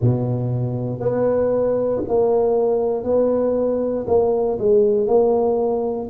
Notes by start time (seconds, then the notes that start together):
0.01 B2
1.00 B3
2.08 A#3
3.03 B3
4.07 A#3
4.58 G#3
5.07 A#3